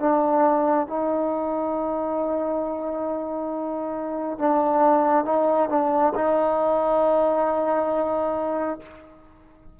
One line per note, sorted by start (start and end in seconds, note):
0.00 0.87 D4
0.87 4.39 D#4
4.39 5.25 D4
5.25 5.70 D#4
5.70 6.14 D4
6.15 8.80 D#4